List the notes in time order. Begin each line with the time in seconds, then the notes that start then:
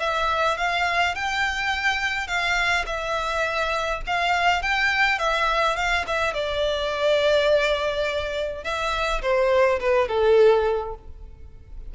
0.00 E5
0.57 F5
1.15 G5
2.28 F5
2.87 E5
4.07 F5
4.63 G5
5.19 E5
5.76 F5
6.07 E5
6.34 D5
8.64 E5
9.22 C5
9.80 B4
10.08 A4